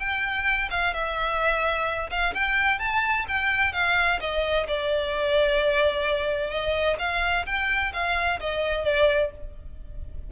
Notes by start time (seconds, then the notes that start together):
0.00 G5
0.71 F5
0.94 E5
2.11 F5
2.35 G5
2.79 A5
3.29 G5
3.73 F5
4.21 D#5
4.68 D5
6.51 D#5
6.99 F5
7.47 G5
7.94 F5
8.40 D#5
8.85 D5